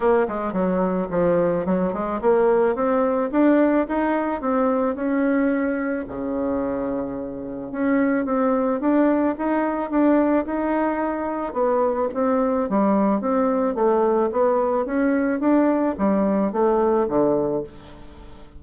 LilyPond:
\new Staff \with { instrumentName = "bassoon" } { \time 4/4 \tempo 4 = 109 ais8 gis8 fis4 f4 fis8 gis8 | ais4 c'4 d'4 dis'4 | c'4 cis'2 cis4~ | cis2 cis'4 c'4 |
d'4 dis'4 d'4 dis'4~ | dis'4 b4 c'4 g4 | c'4 a4 b4 cis'4 | d'4 g4 a4 d4 | }